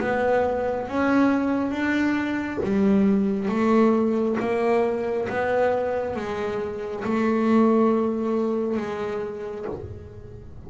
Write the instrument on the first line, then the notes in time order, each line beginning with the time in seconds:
double bass
0.00 B3
0.88 C#4
1.71 D4
2.63 G3
3.49 A3
4.40 A#3
5.29 B3
6.16 G#3
7.04 A3
8.77 G#3